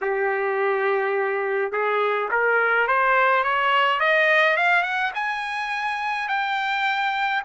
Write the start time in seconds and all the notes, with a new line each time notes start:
0.01 G4
1.72 G#4
2.31 A#4
2.87 C5
3.43 C#5
3.99 D#5
4.56 F5
4.83 F#5
5.14 G#5
6.28 G5